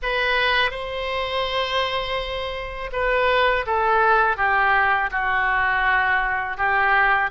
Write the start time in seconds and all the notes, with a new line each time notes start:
0.02 B4
0.71 C5
2.92 B4
3.66 A4
4.37 G4
5.11 F#4
6.57 G4